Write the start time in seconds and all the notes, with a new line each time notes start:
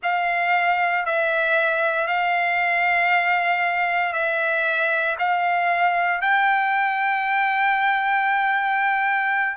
0.02 F5
1.05 E5
2.07 F5
4.12 E5
5.19 F5
6.21 G5